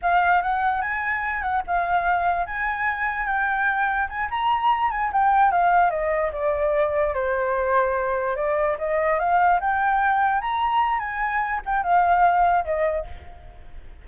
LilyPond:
\new Staff \with { instrumentName = "flute" } { \time 4/4 \tempo 4 = 147 f''4 fis''4 gis''4. fis''8 | f''2 gis''2 | g''2 gis''8 ais''4. | gis''8 g''4 f''4 dis''4 d''8~ |
d''4. c''2~ c''8~ | c''8 d''4 dis''4 f''4 g''8~ | g''4. ais''4. gis''4~ | gis''8 g''8 f''2 dis''4 | }